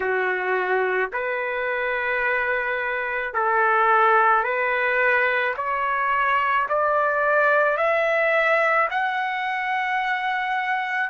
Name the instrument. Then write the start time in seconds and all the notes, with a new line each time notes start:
trumpet
0.00 F#4
1.13 B4
3.33 A4
4.43 B4
5.56 C#5
6.68 D5
7.77 E5
8.90 F#5